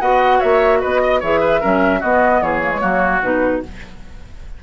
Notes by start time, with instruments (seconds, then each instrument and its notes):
0.00 bassoon B3, clarinet F#4, oboe D#5, flute F#5
0.38 bassoon A#3, oboe C#5, flute E5
0.80 bassoon B3, oboe B4, flute D#5
1.03 oboe D#5
1.20 bassoon E3, clarinet G#4, oboe C#5, flute E5
1.40 oboe B4
1.60 bassoon F#3, clarinet C#4, oboe A#4
1.99 clarinet B3, bassoon B3, oboe F#4, flute D#5
2.41 bassoon E3, oboe G#4, flute C#5
2.62 clarinet A#3
2.70 clarinet G#3
2.81 bassoon F#3, clarinet A#3, oboe F#4
3.22 bassoon B2, clarinet D#4, flute B4